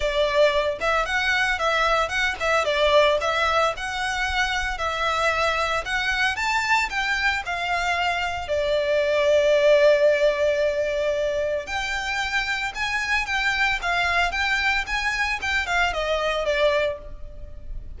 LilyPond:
\new Staff \with { instrumentName = "violin" } { \time 4/4 \tempo 4 = 113 d''4. e''8 fis''4 e''4 | fis''8 e''8 d''4 e''4 fis''4~ | fis''4 e''2 fis''4 | a''4 g''4 f''2 |
d''1~ | d''2 g''2 | gis''4 g''4 f''4 g''4 | gis''4 g''8 f''8 dis''4 d''4 | }